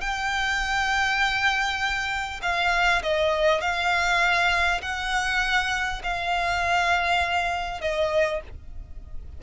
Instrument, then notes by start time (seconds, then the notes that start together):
violin
0.00 G5
2.42 F5
3.02 D#5
3.61 F5
4.82 F#5
6.03 F5
7.81 D#5